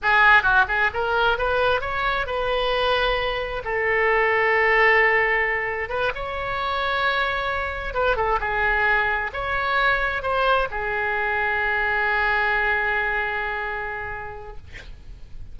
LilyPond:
\new Staff \with { instrumentName = "oboe" } { \time 4/4 \tempo 4 = 132 gis'4 fis'8 gis'8 ais'4 b'4 | cis''4 b'2. | a'1~ | a'4 b'8 cis''2~ cis''8~ |
cis''4. b'8 a'8 gis'4.~ | gis'8 cis''2 c''4 gis'8~ | gis'1~ | gis'1 | }